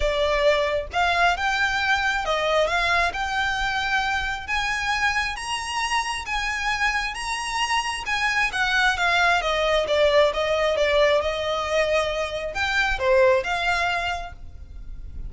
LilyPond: \new Staff \with { instrumentName = "violin" } { \time 4/4 \tempo 4 = 134 d''2 f''4 g''4~ | g''4 dis''4 f''4 g''4~ | g''2 gis''2 | ais''2 gis''2 |
ais''2 gis''4 fis''4 | f''4 dis''4 d''4 dis''4 | d''4 dis''2. | g''4 c''4 f''2 | }